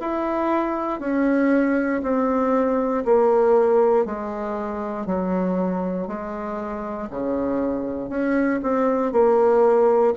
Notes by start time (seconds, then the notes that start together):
0.00 E4
1.00 C#4
2.02 C4
3.05 A#3
4.05 G#3
5.06 F#3
6.07 G#3
7.10 C#3
8.09 C#4
8.62 C4
9.12 A#3